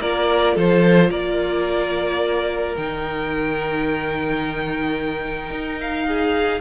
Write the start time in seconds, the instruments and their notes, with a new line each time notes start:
0.00 cello A#3, viola F4, violin A#4 D5
0.54 cello F3, violin A4 C5
1.10 cello A#3, violin A#4 D5
2.76 cello D#3, viola D#4, violin G5
5.50 cello D#4
5.80 violin F5
6.06 violin G#4